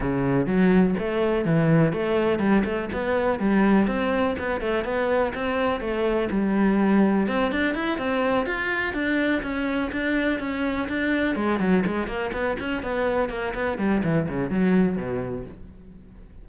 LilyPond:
\new Staff \with { instrumentName = "cello" } { \time 4/4 \tempo 4 = 124 cis4 fis4 a4 e4 | a4 g8 a8 b4 g4 | c'4 b8 a8 b4 c'4 | a4 g2 c'8 d'8 |
e'8 c'4 f'4 d'4 cis'8~ | cis'8 d'4 cis'4 d'4 gis8 | fis8 gis8 ais8 b8 cis'8 b4 ais8 | b8 g8 e8 cis8 fis4 b,4 | }